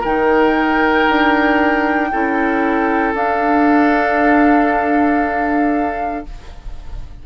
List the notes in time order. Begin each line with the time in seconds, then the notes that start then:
0.00 D#3 D#4 A#4 G5
1.08 D4
2.12 C#4 E4 A4
3.13 D4 F5